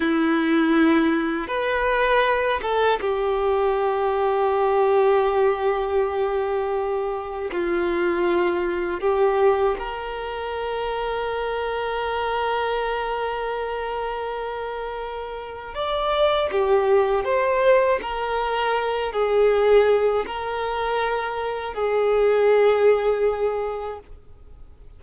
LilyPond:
\new Staff \with { instrumentName = "violin" } { \time 4/4 \tempo 4 = 80 e'2 b'4. a'8 | g'1~ | g'2 f'2 | g'4 ais'2.~ |
ais'1~ | ais'4 d''4 g'4 c''4 | ais'4. gis'4. ais'4~ | ais'4 gis'2. | }